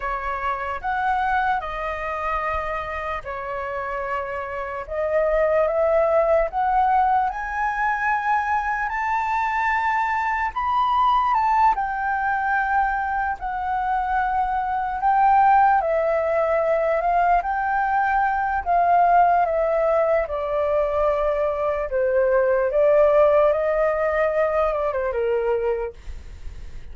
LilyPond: \new Staff \with { instrumentName = "flute" } { \time 4/4 \tempo 4 = 74 cis''4 fis''4 dis''2 | cis''2 dis''4 e''4 | fis''4 gis''2 a''4~ | a''4 b''4 a''8 g''4.~ |
g''8 fis''2 g''4 e''8~ | e''4 f''8 g''4. f''4 | e''4 d''2 c''4 | d''4 dis''4. d''16 c''16 ais'4 | }